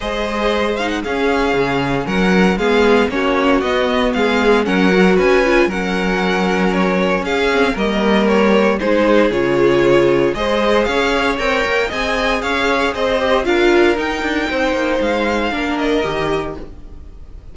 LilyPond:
<<
  \new Staff \with { instrumentName = "violin" } { \time 4/4 \tempo 4 = 116 dis''4. f''16 fis''16 f''2 | fis''4 f''4 cis''4 dis''4 | f''4 fis''4 gis''4 fis''4~ | fis''4 cis''4 f''4 dis''4 |
cis''4 c''4 cis''2 | dis''4 f''4 g''4 gis''4 | f''4 dis''4 f''4 g''4~ | g''4 f''4. dis''4. | }
  \new Staff \with { instrumentName = "violin" } { \time 4/4 c''2 gis'2 | ais'4 gis'4 fis'2 | gis'4 ais'4 b'4 ais'4~ | ais'2 gis'4 ais'4~ |
ais'4 gis'2. | c''4 cis''2 dis''4 | cis''4 c''4 ais'2 | c''2 ais'2 | }
  \new Staff \with { instrumentName = "viola" } { \time 4/4 gis'4. dis'8 cis'2~ | cis'4 b4 cis'4 b4~ | b4 cis'8 fis'4 f'8 cis'4~ | cis'2~ cis'8 c'8 ais4~ |
ais4 dis'4 f'2 | gis'2 ais'4 gis'4~ | gis'4. g'8 f'4 dis'4~ | dis'2 d'4 g'4 | }
  \new Staff \with { instrumentName = "cello" } { \time 4/4 gis2 cis'4 cis4 | fis4 gis4 ais4 b4 | gis4 fis4 cis'4 fis4~ | fis2 cis'4 g4~ |
g4 gis4 cis2 | gis4 cis'4 c'8 ais8 c'4 | cis'4 c'4 d'4 dis'8 d'8 | c'8 ais8 gis4 ais4 dis4 | }
>>